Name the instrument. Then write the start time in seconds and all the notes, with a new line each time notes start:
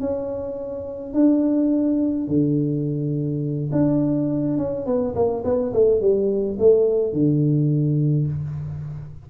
tuba
0.00 C#4
1.14 D4
2.27 D3
3.72 D4
4.57 C#4
4.86 B3
5.15 A#3
5.44 B3
5.73 A3
6.01 G3
6.59 A3
7.12 D3